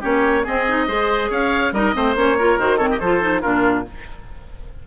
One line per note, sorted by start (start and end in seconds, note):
0.00 0.46 A#3
0.00 0.43 C#4
0.00 0.43 G4
0.00 0.46 C#5
0.43 0.65 C4
0.43 0.88 C4
0.43 0.86 G#4
0.43 1.31 D#5
0.68 0.88 D#4
0.87 1.30 G#3
0.87 1.73 G#4
0.87 1.30 C5
1.30 1.72 C#4
1.30 1.72 C#5
1.30 1.73 F5
1.72 1.93 G3
1.72 1.93 D#4
1.72 1.95 A#4
1.72 2.16 D#5
1.93 2.15 A3
1.93 2.14 C4
1.93 2.38 C5
2.15 2.57 A#3
2.15 2.36 C#4
2.15 2.59 C#5
2.38 2.59 F4
2.38 2.77 A#4
2.58 3.00 D#3
2.58 2.78 F#4
2.58 2.78 C5
2.77 2.99 C4
2.77 2.87 A4
2.77 2.89 C#5
2.90 2.99 G4
2.90 2.99 D#5
2.99 3.43 F3
2.99 3.20 F4
2.99 3.41 A4
2.99 3.41 C5
3.20 3.41 D#4
3.41 3.87 A#2
3.41 3.85 D4
3.41 3.84 F4
3.41 3.84 A#4